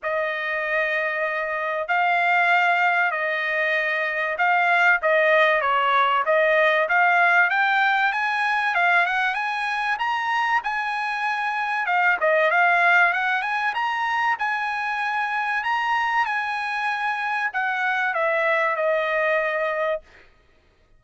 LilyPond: \new Staff \with { instrumentName = "trumpet" } { \time 4/4 \tempo 4 = 96 dis''2. f''4~ | f''4 dis''2 f''4 | dis''4 cis''4 dis''4 f''4 | g''4 gis''4 f''8 fis''8 gis''4 |
ais''4 gis''2 f''8 dis''8 | f''4 fis''8 gis''8 ais''4 gis''4~ | gis''4 ais''4 gis''2 | fis''4 e''4 dis''2 | }